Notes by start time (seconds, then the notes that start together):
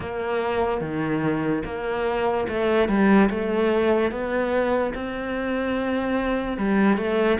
0.00 A#3
0.80 D#3
1.64 A#3
2.48 A3
2.88 G3
3.30 A3
4.11 B3
4.94 C4
6.57 G3
6.97 A3